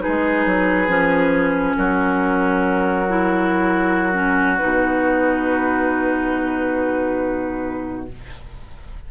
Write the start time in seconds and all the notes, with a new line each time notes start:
0.00 D#4 G#4 B4
0.08 G#3
0.46 F#3
0.88 F3 C#4
1.76 F#3 F#4 A#4
3.09 E4
4.13 C#4
4.57 B2 D#4 B4